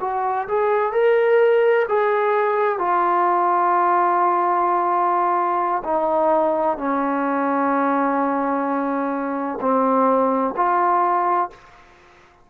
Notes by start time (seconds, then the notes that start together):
0.00 F#4
0.48 G#4
0.92 A#4
1.88 G#4
2.78 F4
5.83 D#4
6.77 C#4
9.61 C4
10.56 F4